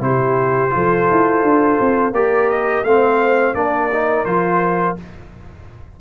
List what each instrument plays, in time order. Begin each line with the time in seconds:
0.00 tuba C3, trombone E4, horn G4, trumpet C5
0.70 tuba F3, trombone F4, horn A4
1.11 tuba E4
1.43 tuba D4
1.81 tuba C4
2.12 tuba A#3, trombone G4, horn A#4, trumpet D5
2.50 trumpet D#5
2.83 tuba A3, trombone C4, horn C5, trumpet F5
3.54 tuba A#3, trombone D4, horn A#4, trumpet D5
3.93 trombone D#4
4.25 tuba F3, trombone F4, trumpet C5